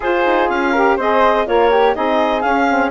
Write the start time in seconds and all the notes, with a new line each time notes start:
0.00 F4 G#4 C5
0.25 D#4
0.49 C#4 F5
0.71 G4 A#4
0.96 C4 G#4 C5 D#5
1.45 A#3 F4 A#4 C#5
1.70 G4
1.93 C4 D#4 G#4 D#5
2.41 C#4 F5
2.68 C4